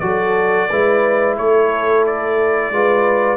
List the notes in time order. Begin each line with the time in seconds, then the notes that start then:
0.00 F#3 F#4 A4 D5
0.70 G#3 E4 B4
1.38 A3 A4 C#5
2.06 D5
2.72 G#3 F4 B4